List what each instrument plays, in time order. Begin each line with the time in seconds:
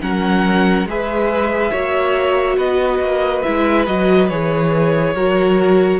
0.00 cello F#3, viola C#4, violin A#4 F#5
0.85 cello G#3, viola G#4, violin B4 E5
1.71 cello A#3, viola F#4, violin C#5
2.56 cello B3, violin B4 D#5
2.99 cello A#3
3.42 cello G#3, viola E4, violin E5
3.86 cello F#3, viola F#4, violin D#5
4.29 cello E3, viola G#4, violin C#5
5.14 cello F#3, viola F#4, violin A#4